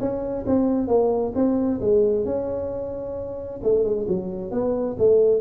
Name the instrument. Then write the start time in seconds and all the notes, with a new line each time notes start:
tuba
0.00 C#4
0.46 C4
0.88 A#3
1.36 C4
1.81 G#3
2.25 C#4
3.63 A3
3.84 G#3
4.08 F#3
4.52 B3
4.99 A3